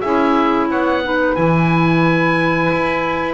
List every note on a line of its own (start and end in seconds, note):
0.00 0.70 C#4
0.00 1.04 E4
0.00 0.67 G#4
0.00 0.67 E5
0.69 1.37 B3
0.69 1.02 C#5
0.69 1.35 F#5
1.04 1.37 D#4
1.04 3.34 B4
1.35 2.71 E3
1.35 3.34 E4
1.35 3.34 G#5
2.72 3.34 E4